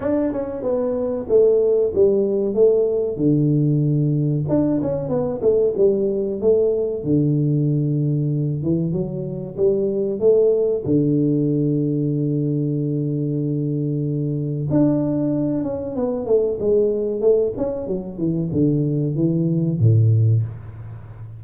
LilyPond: \new Staff \with { instrumentName = "tuba" } { \time 4/4 \tempo 4 = 94 d'8 cis'8 b4 a4 g4 | a4 d2 d'8 cis'8 | b8 a8 g4 a4 d4~ | d4. e8 fis4 g4 |
a4 d2.~ | d2. d'4~ | d'8 cis'8 b8 a8 gis4 a8 cis'8 | fis8 e8 d4 e4 a,4 | }